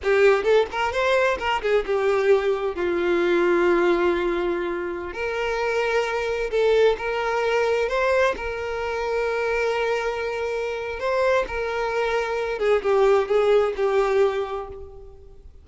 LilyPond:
\new Staff \with { instrumentName = "violin" } { \time 4/4 \tempo 4 = 131 g'4 a'8 ais'8 c''4 ais'8 gis'8 | g'2 f'2~ | f'2.~ f'16 ais'8.~ | ais'2~ ais'16 a'4 ais'8.~ |
ais'4~ ais'16 c''4 ais'4.~ ais'16~ | ais'1 | c''4 ais'2~ ais'8 gis'8 | g'4 gis'4 g'2 | }